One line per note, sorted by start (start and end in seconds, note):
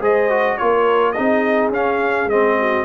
0.00 0.57 G#3
0.00 0.29 G#4
0.00 0.57 C5
0.00 0.57 D#5
0.30 0.58 F#4
0.57 1.18 A#3
0.57 1.15 F4
0.57 1.16 A#4
0.57 1.12 C#5
1.12 1.72 D#4
1.12 2.57 G#4
1.12 1.69 D#5
1.18 1.69 C4
1.69 2.26 C#4
1.69 2.30 C#4
1.69 2.29 F5
2.26 2.82 G#3
2.26 2.85 C4
2.26 2.85 D#5
2.59 2.85 F#4